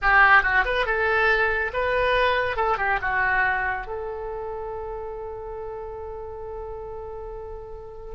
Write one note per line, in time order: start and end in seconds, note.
0.02 0.42 G4
0.42 0.64 F#4
0.64 0.86 B4
0.86 1.71 A4
1.73 2.56 B4
2.56 2.77 A4
2.77 2.99 G4
3.01 3.86 F#4
3.86 8.15 A4